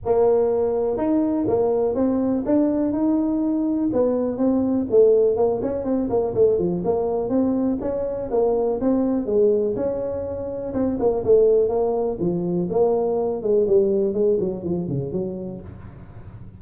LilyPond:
\new Staff \with { instrumentName = "tuba" } { \time 4/4 \tempo 4 = 123 ais2 dis'4 ais4 | c'4 d'4 dis'2 | b4 c'4 a4 ais8 cis'8 | c'8 ais8 a8 f8 ais4 c'4 |
cis'4 ais4 c'4 gis4 | cis'2 c'8 ais8 a4 | ais4 f4 ais4. gis8 | g4 gis8 fis8 f8 cis8 fis4 | }